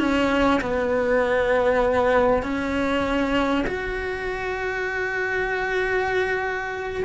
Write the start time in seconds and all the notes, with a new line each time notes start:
0.00 C#4
0.62 B3
2.43 C#4
3.67 F#4